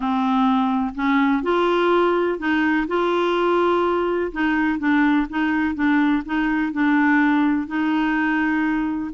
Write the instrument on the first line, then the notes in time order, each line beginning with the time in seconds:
clarinet
0.00 C4
0.94 C#4
1.42 F4
2.38 D#4
2.87 F4
4.32 D#4
4.78 D4
5.29 D#4
5.74 D4
6.25 D#4
6.72 D4
7.67 D#4